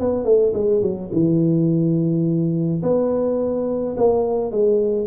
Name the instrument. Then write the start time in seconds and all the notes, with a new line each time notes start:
tuba
0.00 B3
0.25 A3
0.55 G#3
0.82 F#3
1.13 E3
2.83 B3
3.98 A#3
4.52 G#3